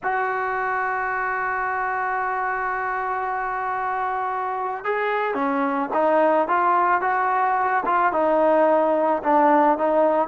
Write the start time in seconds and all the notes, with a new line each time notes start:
0.03 F#4
4.84 G#4
5.34 C#4
5.93 D#4
6.48 F4
7.01 F#4
7.85 F4
8.12 D#4
9.23 D4
9.78 D#4